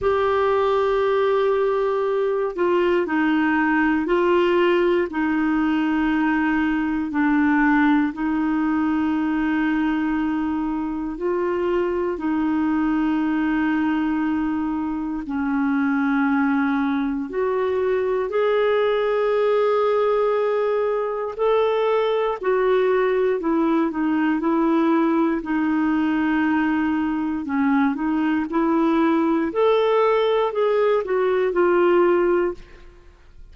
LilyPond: \new Staff \with { instrumentName = "clarinet" } { \time 4/4 \tempo 4 = 59 g'2~ g'8 f'8 dis'4 | f'4 dis'2 d'4 | dis'2. f'4 | dis'2. cis'4~ |
cis'4 fis'4 gis'2~ | gis'4 a'4 fis'4 e'8 dis'8 | e'4 dis'2 cis'8 dis'8 | e'4 a'4 gis'8 fis'8 f'4 | }